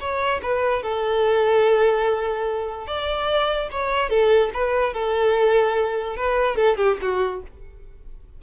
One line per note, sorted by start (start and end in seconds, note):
0.00 0.41 C#5
0.43 0.83 B4
0.83 2.87 A4
2.87 3.69 D5
3.72 4.10 C#5
4.10 4.51 A4
4.54 4.94 B4
4.94 6.17 A4
6.17 6.56 B4
6.56 6.77 A4
6.77 6.98 G4
7.02 7.43 F#4